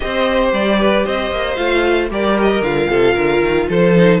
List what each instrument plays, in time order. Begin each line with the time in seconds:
0.00 cello C4, viola G4, violin C5 D#5
0.52 cello G3, violin D5
0.79 violin B4
1.04 cello C4, violin C5 D#5
1.31 cello A#3
1.55 cello A3, viola F4, violin F5
2.10 cello G3, viola G4, violin A#4 D5
2.41 violin D#5
2.61 cello D3, viola F4, violin F5
2.89 cello C3, violin A4
3.13 cello D3, violin A#4
3.41 cello D#3
3.69 cello F3, violin A4 C5
3.96 viola D#4